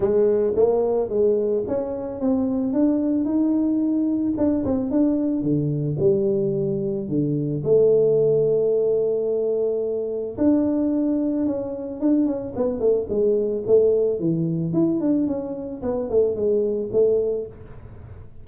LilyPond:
\new Staff \with { instrumentName = "tuba" } { \time 4/4 \tempo 4 = 110 gis4 ais4 gis4 cis'4 | c'4 d'4 dis'2 | d'8 c'8 d'4 d4 g4~ | g4 d4 a2~ |
a2. d'4~ | d'4 cis'4 d'8 cis'8 b8 a8 | gis4 a4 e4 e'8 d'8 | cis'4 b8 a8 gis4 a4 | }